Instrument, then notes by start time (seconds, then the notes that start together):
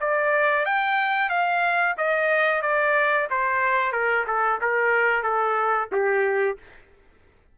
trumpet
0.00 D5
0.65 G5
1.29 F5
1.97 D#5
2.61 D5
3.30 C5
3.92 A#4
4.27 A4
4.61 A#4
5.22 A4
5.91 G4